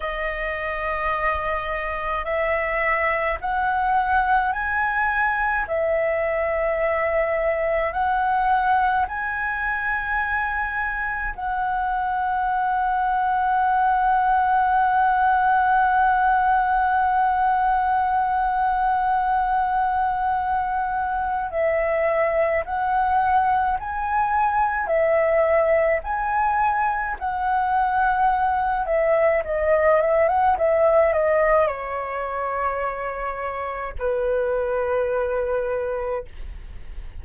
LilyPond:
\new Staff \with { instrumentName = "flute" } { \time 4/4 \tempo 4 = 53 dis''2 e''4 fis''4 | gis''4 e''2 fis''4 | gis''2 fis''2~ | fis''1~ |
fis''2. e''4 | fis''4 gis''4 e''4 gis''4 | fis''4. e''8 dis''8 e''16 fis''16 e''8 dis''8 | cis''2 b'2 | }